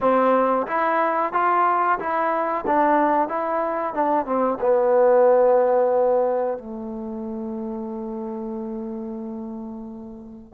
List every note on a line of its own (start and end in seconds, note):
0.00 0.66 C4
0.67 1.32 E4
1.32 1.98 F4
1.99 2.65 E4
2.66 3.28 D4
3.28 3.94 E4
3.94 4.25 D4
4.25 4.58 C4
4.60 6.58 B3
6.58 10.53 A3